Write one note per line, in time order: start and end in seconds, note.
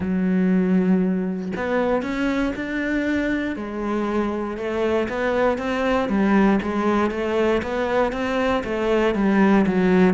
0.00 1.52 F#3
1.56 2.02 B3
2.02 2.53 C#4
2.55 3.56 D4
3.56 4.57 G#3
4.57 5.08 A3
5.08 5.57 B3
5.57 6.08 C4
6.08 6.59 G3
6.61 7.10 G#3
7.10 7.61 A3
7.62 8.12 B3
8.12 8.63 C4
8.64 9.14 A3
9.14 9.65 G3
9.66 10.13 F#3